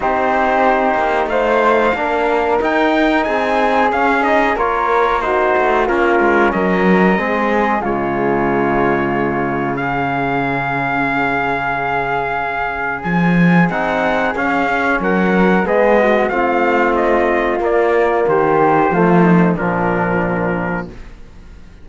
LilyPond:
<<
  \new Staff \with { instrumentName = "trumpet" } { \time 4/4 \tempo 4 = 92 c''2 f''2 | g''4 gis''4 f''8 dis''8 cis''4 | c''4 ais'4 dis''2 | cis''2. f''4~ |
f''1 | gis''4 fis''4 f''4 fis''4 | dis''4 f''4 dis''4 d''4 | c''2 ais'2 | }
  \new Staff \with { instrumentName = "flute" } { \time 4/4 g'2 c''4 ais'4~ | ais'4 gis'2 ais'4 | fis'4 f'4 ais'4 gis'4 | f'2. gis'4~ |
gis'1~ | gis'2. ais'4 | gis'8 fis'8 f'2. | g'4 f'8 dis'8 d'2 | }
  \new Staff \with { instrumentName = "trombone" } { \time 4/4 dis'2. d'4 | dis'2 cis'8 dis'8 f'4 | dis'4 cis'2 c'4 | gis2. cis'4~ |
cis'1~ | cis'4 dis'4 cis'2 | b4 c'2 ais4~ | ais4 a4 f2 | }
  \new Staff \with { instrumentName = "cello" } { \time 4/4 c'4. ais8 a4 ais4 | dis'4 c'4 cis'4 ais4~ | ais8 a8 ais8 gis8 fis4 gis4 | cis1~ |
cis1 | f4 c'4 cis'4 fis4 | gis4 a2 ais4 | dis4 f4 ais,2 | }
>>